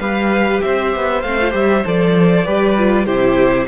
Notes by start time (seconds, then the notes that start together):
0.00 G3 G4 B4 F5
0.62 C4 C5 E5
0.96 B3
1.22 A3 C4 F5
1.42 F4
1.51 G3 G4 E5
1.86 F3 A4 D5
2.45 G3 G4 B4
2.78 F4
3.06 C3 E4 G4 C5